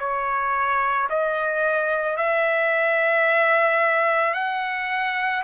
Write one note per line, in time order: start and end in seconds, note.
0.00 1.09 C#5
1.10 2.17 D#5
2.17 4.34 E5
4.34 5.43 F#5